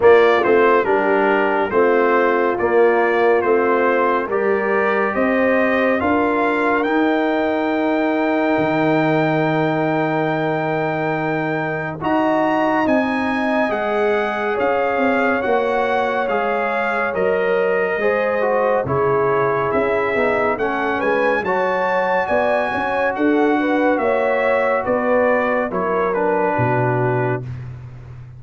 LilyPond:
<<
  \new Staff \with { instrumentName = "trumpet" } { \time 4/4 \tempo 4 = 70 d''8 c''8 ais'4 c''4 d''4 | c''4 d''4 dis''4 f''4 | g''1~ | g''2 ais''4 gis''4 |
fis''4 f''4 fis''4 f''4 | dis''2 cis''4 e''4 | fis''8 gis''8 a''4 gis''4 fis''4 | e''4 d''4 cis''8 b'4. | }
  \new Staff \with { instrumentName = "horn" } { \time 4/4 f'4 g'4 f'2~ | f'4 ais'4 c''4 ais'4~ | ais'1~ | ais'2 dis''2~ |
dis''4 cis''2.~ | cis''4 c''4 gis'2 | a'8 b'8 cis''4 d''8 cis''8 a'8 b'8 | cis''4 b'4 ais'4 fis'4 | }
  \new Staff \with { instrumentName = "trombone" } { \time 4/4 ais8 c'8 d'4 c'4 ais4 | c'4 g'2 f'4 | dis'1~ | dis'2 fis'4 dis'4 |
gis'2 fis'4 gis'4 | ais'4 gis'8 fis'8 e'4. dis'8 | cis'4 fis'2.~ | fis'2 e'8 d'4. | }
  \new Staff \with { instrumentName = "tuba" } { \time 4/4 ais8 a8 g4 a4 ais4 | a4 g4 c'4 d'4 | dis'2 dis2~ | dis2 dis'4 c'4 |
gis4 cis'8 c'8 ais4 gis4 | fis4 gis4 cis4 cis'8 b8 | a8 gis8 fis4 b8 cis'8 d'4 | ais4 b4 fis4 b,4 | }
>>